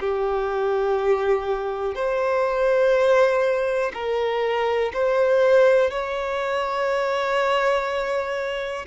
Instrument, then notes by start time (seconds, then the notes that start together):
violin
0.00 G4
1.94 C5
3.94 A#4
4.93 C5
5.91 C#5